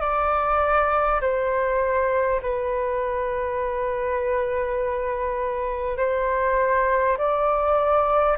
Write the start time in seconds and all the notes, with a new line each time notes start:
0.00 D5
1.21 C5
2.42 B4
5.97 C5
7.17 D5